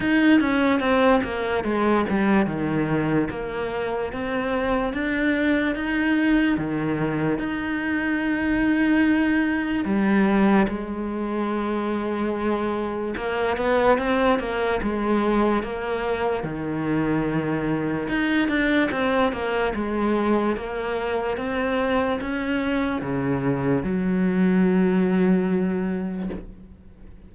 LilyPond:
\new Staff \with { instrumentName = "cello" } { \time 4/4 \tempo 4 = 73 dis'8 cis'8 c'8 ais8 gis8 g8 dis4 | ais4 c'4 d'4 dis'4 | dis4 dis'2. | g4 gis2. |
ais8 b8 c'8 ais8 gis4 ais4 | dis2 dis'8 d'8 c'8 ais8 | gis4 ais4 c'4 cis'4 | cis4 fis2. | }